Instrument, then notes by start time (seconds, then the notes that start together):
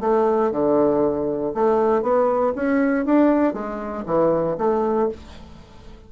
bassoon
0.00 A3
0.51 D3
1.54 A3
2.02 B3
2.55 C#4
3.05 D4
3.53 G#3
4.06 E3
4.58 A3